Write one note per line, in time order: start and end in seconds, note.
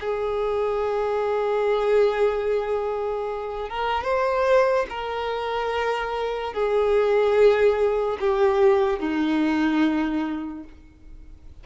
0.00 3.69 G#4
3.69 4.04 A#4
4.04 4.86 C5
4.89 6.53 A#4
6.53 8.18 G#4
8.20 8.99 G4
8.99 10.64 D#4